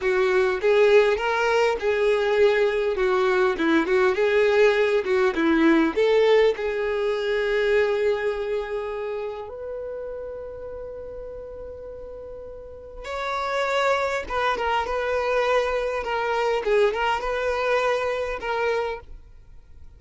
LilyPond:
\new Staff \with { instrumentName = "violin" } { \time 4/4 \tempo 4 = 101 fis'4 gis'4 ais'4 gis'4~ | gis'4 fis'4 e'8 fis'8 gis'4~ | gis'8 fis'8 e'4 a'4 gis'4~ | gis'1 |
b'1~ | b'2 cis''2 | b'8 ais'8 b'2 ais'4 | gis'8 ais'8 b'2 ais'4 | }